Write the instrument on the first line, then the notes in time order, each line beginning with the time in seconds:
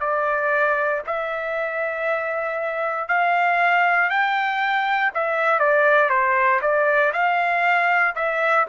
trumpet
0.00 D5
1.06 E5
3.08 F5
4.10 G5
5.14 E5
5.59 D5
6.09 C5
6.61 D5
7.13 F5
8.15 E5